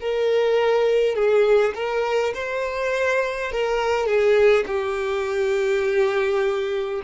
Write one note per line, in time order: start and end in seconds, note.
0.00 1.15 A#4
1.15 1.74 G#4
1.74 2.33 A#4
2.34 3.51 C5
3.51 4.06 A#4
4.06 4.65 G#4
4.66 7.02 G4